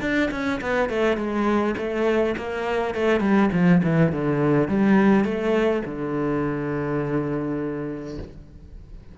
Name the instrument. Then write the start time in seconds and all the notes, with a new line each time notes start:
cello
0.00 D4
0.31 C#4
0.61 B3
0.89 A3
1.17 G#3
1.77 A3
2.37 A#3
2.94 A3
3.20 G3
3.52 F3
3.83 E3
4.12 D3
4.68 G3
5.24 A3
5.85 D3